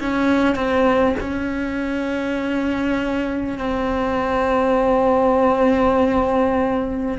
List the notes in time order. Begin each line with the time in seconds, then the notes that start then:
0.00 C#4
0.55 C4
1.20 C#4
3.58 C4